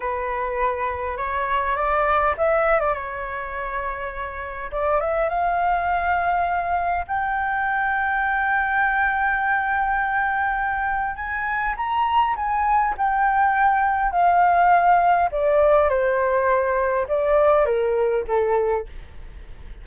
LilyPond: \new Staff \with { instrumentName = "flute" } { \time 4/4 \tempo 4 = 102 b'2 cis''4 d''4 | e''8. d''16 cis''2. | d''8 e''8 f''2. | g''1~ |
g''2. gis''4 | ais''4 gis''4 g''2 | f''2 d''4 c''4~ | c''4 d''4 ais'4 a'4 | }